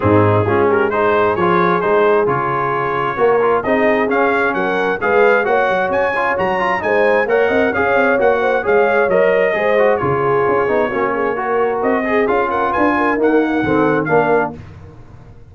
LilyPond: <<
  \new Staff \with { instrumentName = "trumpet" } { \time 4/4 \tempo 4 = 132 gis'4. ais'8 c''4 cis''4 | c''4 cis''2. | dis''4 f''4 fis''4 f''4 | fis''4 gis''4 ais''4 gis''4 |
fis''4 f''4 fis''4 f''4 | dis''2 cis''2~ | cis''2 dis''4 f''8 fis''8 | gis''4 fis''2 f''4 | }
  \new Staff \with { instrumentName = "horn" } { \time 4/4 dis'4 f'8 g'8 gis'2~ | gis'2. ais'4 | gis'2 ais'4 b'4 | cis''2. c''4 |
cis''8 dis''8 cis''4. c''8 cis''4~ | cis''4 c''4 gis'2 | fis'8 gis'8 ais'4. gis'4 ais'8 | b'8 ais'4. a'4 ais'4 | }
  \new Staff \with { instrumentName = "trombone" } { \time 4/4 c'4 cis'4 dis'4 f'4 | dis'4 f'2 fis'8 f'8 | dis'4 cis'2 gis'4 | fis'4. f'8 fis'8 f'8 dis'4 |
ais'4 gis'4 fis'4 gis'4 | ais'4 gis'8 fis'8 f'4. dis'8 | cis'4 fis'4. gis'8 f'4~ | f'4 ais4 c'4 d'4 | }
  \new Staff \with { instrumentName = "tuba" } { \time 4/4 gis,4 gis2 f4 | gis4 cis2 ais4 | c'4 cis'4 fis4 gis4 | ais8 fis8 cis'4 fis4 gis4 |
ais8 c'8 cis'8 c'8 ais4 gis4 | fis4 gis4 cis4 cis'8 b8 | ais2 c'4 cis'4 | d'4 dis'4 dis4 ais4 | }
>>